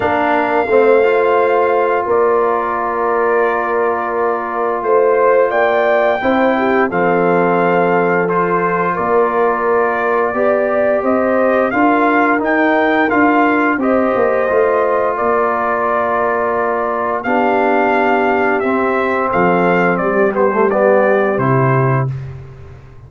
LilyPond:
<<
  \new Staff \with { instrumentName = "trumpet" } { \time 4/4 \tempo 4 = 87 f''2. d''4~ | d''2. c''4 | g''2 f''2 | c''4 d''2. |
dis''4 f''4 g''4 f''4 | dis''2 d''2~ | d''4 f''2 e''4 | f''4 d''8 c''8 d''4 c''4 | }
  \new Staff \with { instrumentName = "horn" } { \time 4/4 ais'4 c''2 ais'4~ | ais'2. c''4 | d''4 c''8 g'8 a'2~ | a'4 ais'2 d''4 |
c''4 ais'2. | c''2 ais'2~ | ais'4 g'2. | a'4 g'2. | }
  \new Staff \with { instrumentName = "trombone" } { \time 4/4 d'4 c'8 f'2~ f'8~ | f'1~ | f'4 e'4 c'2 | f'2. g'4~ |
g'4 f'4 dis'4 f'4 | g'4 f'2.~ | f'4 d'2 c'4~ | c'4. b16 a16 b4 e'4 | }
  \new Staff \with { instrumentName = "tuba" } { \time 4/4 ais4 a2 ais4~ | ais2. a4 | ais4 c'4 f2~ | f4 ais2 b4 |
c'4 d'4 dis'4 d'4 | c'8 ais8 a4 ais2~ | ais4 b2 c'4 | f4 g2 c4 | }
>>